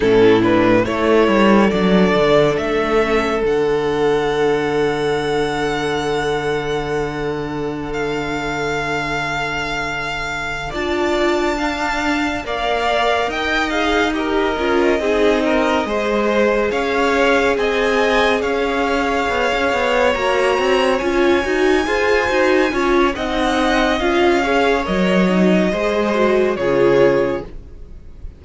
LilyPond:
<<
  \new Staff \with { instrumentName = "violin" } { \time 4/4 \tempo 4 = 70 a'8 b'8 cis''4 d''4 e''4 | fis''1~ | fis''4~ fis''16 f''2~ f''8.~ | f''8 a''2 f''4 g''8 |
f''8 dis''2. f''8~ | f''8 gis''4 f''2 ais''8~ | ais''8 gis''2~ gis''8 fis''4 | f''4 dis''2 cis''4 | }
  \new Staff \with { instrumentName = "violin" } { \time 4/4 e'4 a'2.~ | a'1~ | a'1~ | a'8 d''4 f''4 d''4 dis''8~ |
dis''8 ais'4 gis'8 ais'8 c''4 cis''8~ | cis''8 dis''4 cis''2~ cis''8~ | cis''4. c''4 cis''8 dis''4~ | dis''8 cis''4. c''4 gis'4 | }
  \new Staff \with { instrumentName = "viola" } { \time 4/4 cis'8 d'8 e'4 d'4. cis'8 | d'1~ | d'1~ | d'8 f'4 d'4 ais'4. |
gis'8 g'8 f'8 dis'4 gis'4.~ | gis'2.~ gis'8 fis'8~ | fis'8 f'8 fis'8 gis'8 fis'8 f'8 dis'4 | f'8 gis'8 ais'8 dis'8 gis'8 fis'8 f'4 | }
  \new Staff \with { instrumentName = "cello" } { \time 4/4 a,4 a8 g8 fis8 d8 a4 | d1~ | d1~ | d8 d'2 ais4 dis'8~ |
dis'4 cis'8 c'4 gis4 cis'8~ | cis'8 c'4 cis'4 b16 cis'16 b8 ais8 | c'8 cis'8 dis'8 f'8 dis'8 cis'8 c'4 | cis'4 fis4 gis4 cis4 | }
>>